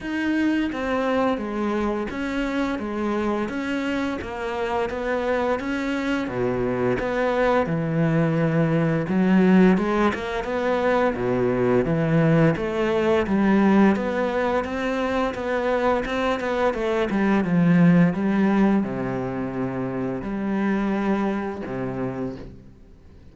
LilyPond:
\new Staff \with { instrumentName = "cello" } { \time 4/4 \tempo 4 = 86 dis'4 c'4 gis4 cis'4 | gis4 cis'4 ais4 b4 | cis'4 b,4 b4 e4~ | e4 fis4 gis8 ais8 b4 |
b,4 e4 a4 g4 | b4 c'4 b4 c'8 b8 | a8 g8 f4 g4 c4~ | c4 g2 c4 | }